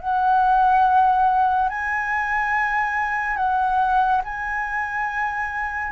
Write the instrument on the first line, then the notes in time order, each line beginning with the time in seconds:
flute
0.00 F#5
1.69 G#5
3.37 F#5
4.24 G#5